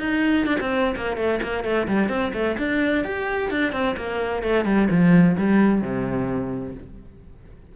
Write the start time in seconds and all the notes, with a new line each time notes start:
0.00 D#4
0.47 D4
0.60 C4
0.96 A#3
1.17 A3
1.42 A#3
1.64 A3
1.88 G3
2.09 C4
2.34 A3
2.59 D4
3.04 G4
3.51 D4
3.73 C4
3.97 A#3
4.43 A3
4.65 G3
4.90 F3
5.38 G3
5.82 C3